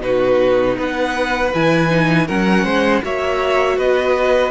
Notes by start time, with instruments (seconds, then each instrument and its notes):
0.00 cello B2, viola D#4, violin F#4 B4
0.77 cello B3, violin B4 F#5
1.53 cello E3, viola E4, violin G#5
1.89 viola D#4
2.26 cello F#3, viola C#4, violin A#4 F#5
2.64 cello G#3, violin C5
3.02 cello A#3, viola F#4, violin C#5 E5
3.77 cello B3, violin B4 D#5